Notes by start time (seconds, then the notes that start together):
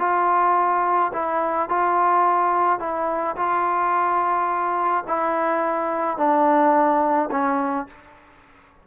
0.00 F4
1.14 E4
1.69 F4
2.80 E4
3.37 F4
5.08 E4
6.18 D4
7.32 C#4